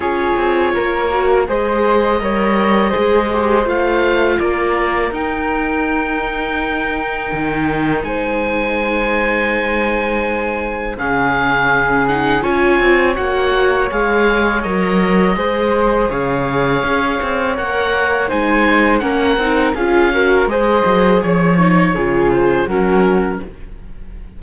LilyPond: <<
  \new Staff \with { instrumentName = "oboe" } { \time 4/4 \tempo 4 = 82 cis''2 dis''2~ | dis''4 f''4 d''4 g''4~ | g''2. gis''4~ | gis''2. f''4~ |
f''8 fis''8 gis''4 fis''4 f''4 | dis''2 f''2 | fis''4 gis''4 fis''4 f''4 | dis''4 cis''4. c''8 ais'4 | }
  \new Staff \with { instrumentName = "flute" } { \time 4/4 gis'4 ais'4 c''4 cis''4 | c''2 ais'2~ | ais'2. c''4~ | c''2. gis'4~ |
gis'4 cis''2.~ | cis''4 c''4 cis''2~ | cis''4 c''4 ais'4 gis'8 ais'8 | c''4 cis''4 gis'4 fis'4 | }
  \new Staff \with { instrumentName = "viola" } { \time 4/4 f'4. fis'8 gis'4 ais'4 | gis'8 g'8 f'2 dis'4~ | dis'1~ | dis'2. cis'4~ |
cis'8 dis'8 f'4 fis'4 gis'4 | ais'4 gis'2. | ais'4 dis'4 cis'8 dis'8 f'8 fis'8 | gis'4. dis'8 f'4 cis'4 | }
  \new Staff \with { instrumentName = "cello" } { \time 4/4 cis'8 c'8 ais4 gis4 g4 | gis4 a4 ais4 dis'4~ | dis'2 dis4 gis4~ | gis2. cis4~ |
cis4 cis'8 c'8 ais4 gis4 | fis4 gis4 cis4 cis'8 c'8 | ais4 gis4 ais8 c'8 cis'4 | gis8 fis8 f4 cis4 fis4 | }
>>